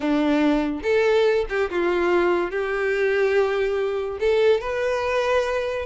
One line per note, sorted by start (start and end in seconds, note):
0.00 0.80 D4
0.82 1.45 A4
1.49 1.70 G4
1.70 2.50 F4
2.50 4.18 G4
4.20 4.60 A4
4.60 5.85 B4